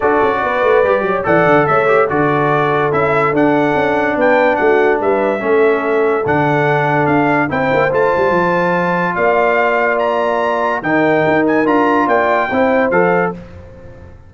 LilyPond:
<<
  \new Staff \with { instrumentName = "trumpet" } { \time 4/4 \tempo 4 = 144 d''2. fis''4 | e''4 d''2 e''4 | fis''2 g''4 fis''4 | e''2. fis''4~ |
fis''4 f''4 g''4 a''4~ | a''2 f''2 | ais''2 g''4. gis''8 | ais''4 g''2 f''4 | }
  \new Staff \with { instrumentName = "horn" } { \time 4/4 a'4 b'4. cis''8 d''4 | cis''4 a'2.~ | a'2 b'4 fis'4 | b'4 a'2.~ |
a'2 c''2~ | c''2 d''2~ | d''2 ais'2~ | ais'4 d''4 c''2 | }
  \new Staff \with { instrumentName = "trombone" } { \time 4/4 fis'2 g'4 a'4~ | a'8 g'8 fis'2 e'4 | d'1~ | d'4 cis'2 d'4~ |
d'2 e'4 f'4~ | f'1~ | f'2 dis'2 | f'2 e'4 a'4 | }
  \new Staff \with { instrumentName = "tuba" } { \time 4/4 d'8 cis'8 b8 a8 g8 fis8 e8 d8 | a4 d2 cis'4 | d'4 cis'4 b4 a4 | g4 a2 d4~ |
d4 d'4 c'8 ais8 a8 g8 | f2 ais2~ | ais2 dis4 dis'4 | d'4 ais4 c'4 f4 | }
>>